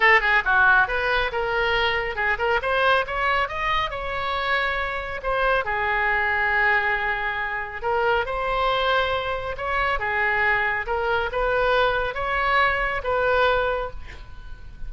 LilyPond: \new Staff \with { instrumentName = "oboe" } { \time 4/4 \tempo 4 = 138 a'8 gis'8 fis'4 b'4 ais'4~ | ais'4 gis'8 ais'8 c''4 cis''4 | dis''4 cis''2. | c''4 gis'2.~ |
gis'2 ais'4 c''4~ | c''2 cis''4 gis'4~ | gis'4 ais'4 b'2 | cis''2 b'2 | }